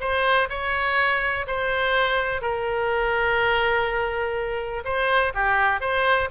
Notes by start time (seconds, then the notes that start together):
0.00 C5
0.49 C#5
1.47 C5
2.41 A#4
4.84 C5
5.34 G4
5.80 C5